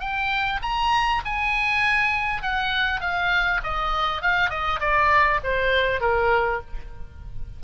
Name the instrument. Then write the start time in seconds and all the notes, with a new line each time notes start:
oboe
0.00 G5
0.62 A#5
1.25 G#5
2.42 F#5
3.01 F5
3.64 D#5
4.22 F5
4.50 D#5
4.80 D5
5.44 C5
6.01 A#4